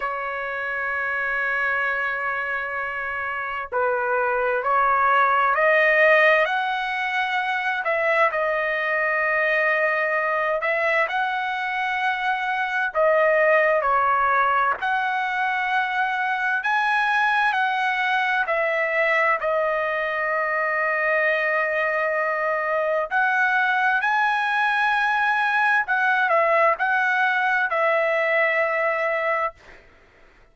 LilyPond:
\new Staff \with { instrumentName = "trumpet" } { \time 4/4 \tempo 4 = 65 cis''1 | b'4 cis''4 dis''4 fis''4~ | fis''8 e''8 dis''2~ dis''8 e''8 | fis''2 dis''4 cis''4 |
fis''2 gis''4 fis''4 | e''4 dis''2.~ | dis''4 fis''4 gis''2 | fis''8 e''8 fis''4 e''2 | }